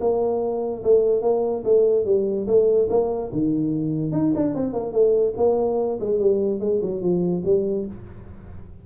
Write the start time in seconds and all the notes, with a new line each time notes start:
0.00 A#3
0.83 A3
1.22 A#3
1.64 A3
2.05 G3
2.47 A3
2.89 A#3
3.32 D#3
4.12 D#4
4.35 D4
4.55 C4
4.73 A#3
4.92 A3
5.37 A#3
6.00 G#3
6.19 G3
6.60 G#3
6.81 F#3
7.01 F3
7.45 G3